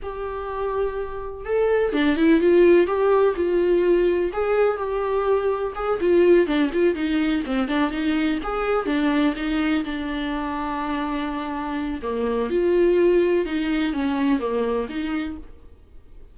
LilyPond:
\new Staff \with { instrumentName = "viola" } { \time 4/4 \tempo 4 = 125 g'2. a'4 | d'8 e'8 f'4 g'4 f'4~ | f'4 gis'4 g'2 | gis'8 f'4 d'8 f'8 dis'4 c'8 |
d'8 dis'4 gis'4 d'4 dis'8~ | dis'8 d'2.~ d'8~ | d'4 ais4 f'2 | dis'4 cis'4 ais4 dis'4 | }